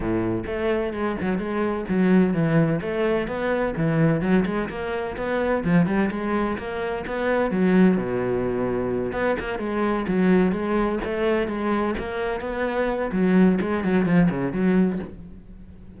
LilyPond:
\new Staff \with { instrumentName = "cello" } { \time 4/4 \tempo 4 = 128 a,4 a4 gis8 fis8 gis4 | fis4 e4 a4 b4 | e4 fis8 gis8 ais4 b4 | f8 g8 gis4 ais4 b4 |
fis4 b,2~ b,8 b8 | ais8 gis4 fis4 gis4 a8~ | a8 gis4 ais4 b4. | fis4 gis8 fis8 f8 cis8 fis4 | }